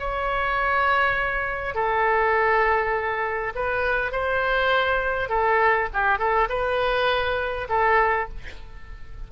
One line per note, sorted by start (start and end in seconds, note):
0.00 1.75 C#5
1.75 3.53 A4
3.55 4.12 B4
4.12 5.30 C5
5.30 5.89 A4
5.94 6.19 G4
6.19 6.49 A4
6.49 7.68 B4
7.69 8.29 A4